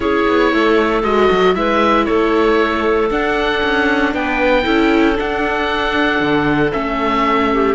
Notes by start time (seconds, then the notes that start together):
0.00 C#4 E4 G#4 C#5
0.27 B3
0.51 A3 A4
1.03 G#3 F#4 D#5
1.30 F#3
1.55 G#3 E4 B4 E5
2.05 A3 A4 C#5
3.10 D4 F#5
3.63 C#4
4.13 B3 B4 G5
4.63 C#4 E4 A4
5.15 D4 F#5
6.20 D3
6.72 A3 C#4 E5
7.52 G4